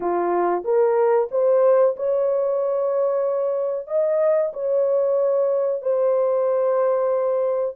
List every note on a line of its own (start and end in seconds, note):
0.00 0.63 F4
0.64 1.28 A#4
1.31 1.95 C5
1.96 3.87 C#5
3.87 4.52 D#5
4.53 5.82 C#5
5.82 7.75 C5